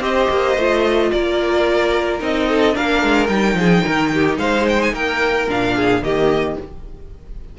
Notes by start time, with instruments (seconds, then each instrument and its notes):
0.00 cello C4, viola G4, violin C5 D#5
0.30 cello A#3
0.57 cello A3, viola F4
1.11 cello A#3, violin A#4 D5
2.19 cello C4, viola D#4, violin D#5
2.49 violin A4
2.72 cello A#3, viola D4, violin A#4 F5
3.03 cello G#3
3.26 cello G3, viola D#4, violin G5
3.54 cello F3, violin G#4
3.83 cello D#3, violin A#4
4.14 violin G4
4.38 cello G#3, violin C5 F5
4.69 violin G5
4.82 violin G#5
4.93 cello A#3, violin A#4 G5
5.48 cello A#2, viola D4, violin F5
5.75 violin G#4
6.02 cello D#3, viola A#3, violin G4 D#5